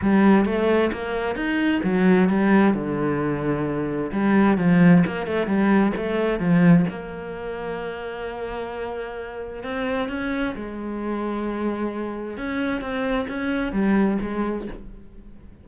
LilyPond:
\new Staff \with { instrumentName = "cello" } { \time 4/4 \tempo 4 = 131 g4 a4 ais4 dis'4 | fis4 g4 d2~ | d4 g4 f4 ais8 a8 | g4 a4 f4 ais4~ |
ais1~ | ais4 c'4 cis'4 gis4~ | gis2. cis'4 | c'4 cis'4 g4 gis4 | }